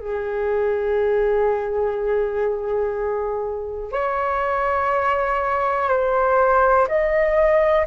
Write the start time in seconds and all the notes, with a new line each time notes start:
0.00 G#4
3.92 C#5
5.88 C5
6.88 D#5